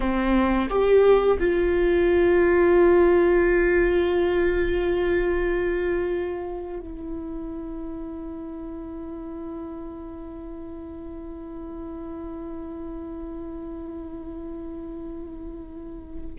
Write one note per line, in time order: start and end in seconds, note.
0.00 0.68 C4
0.68 1.37 G4
1.39 6.80 F4
6.80 16.34 E4